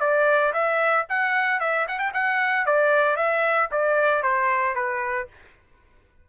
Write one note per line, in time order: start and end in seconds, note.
0.00 0.53 D5
0.53 1.06 E5
1.09 1.60 F#5
1.60 1.87 E5
1.88 1.99 F#5
1.99 2.12 G5
2.14 2.66 F#5
2.66 3.17 D5
3.17 3.69 E5
3.71 4.23 D5
4.23 4.75 C5
4.75 5.28 B4